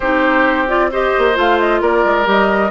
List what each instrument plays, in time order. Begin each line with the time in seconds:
0.00 bassoon C4, clarinet D#4, oboe G4, flute C5
0.67 clarinet F4, flute D5
0.91 clarinet G4, oboe C5, flute D#5
1.17 bassoon A#3
1.34 bassoon A3, clarinet F4, flute F5
1.59 flute D#5
1.81 bassoon A#3, oboe A#4, flute D5
2.05 bassoon G#3
2.25 bassoon G3, clarinet G4, flute D#5